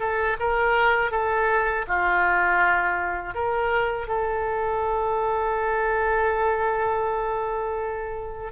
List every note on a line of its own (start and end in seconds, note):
0.00 0.37 A4
0.40 1.12 A#4
1.12 1.86 A4
1.88 3.35 F4
3.35 4.08 A#4
4.08 8.52 A4